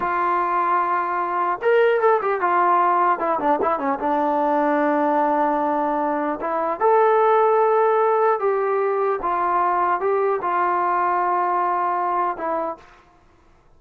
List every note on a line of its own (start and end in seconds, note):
0.00 1.59 F4
1.61 2.01 A#4
2.01 2.21 A4
2.21 2.40 G4
2.40 3.19 F4
3.19 3.39 E4
3.39 3.59 D4
3.61 3.79 E4
3.79 3.99 C#4
3.99 6.39 D4
6.41 6.79 E4
6.79 8.39 A4
8.39 9.19 G4
9.21 10.00 F4
10.00 10.40 G4
10.41 12.37 F4
12.37 12.77 E4